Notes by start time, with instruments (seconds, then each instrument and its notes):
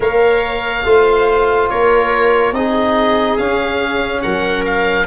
0.00 tuba A#3, trombone A#4, viola C#5, oboe F5
0.84 tuba A3, trombone F4, viola C5
1.69 tuba A#3, viola A#4, oboe C#5
2.52 tuba C4, trombone D#4, viola G#4, oboe D#5
3.37 trombone C#4, tuba C#4, oboe F5
4.21 tuba F#3, viola A#4, oboe F#5
4.65 oboe F5